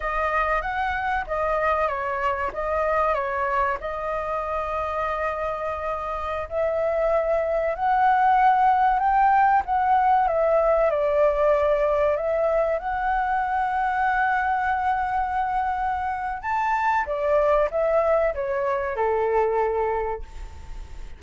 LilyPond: \new Staff \with { instrumentName = "flute" } { \time 4/4 \tempo 4 = 95 dis''4 fis''4 dis''4 cis''4 | dis''4 cis''4 dis''2~ | dis''2~ dis''16 e''4.~ e''16~ | e''16 fis''2 g''4 fis''8.~ |
fis''16 e''4 d''2 e''8.~ | e''16 fis''2.~ fis''8.~ | fis''2 a''4 d''4 | e''4 cis''4 a'2 | }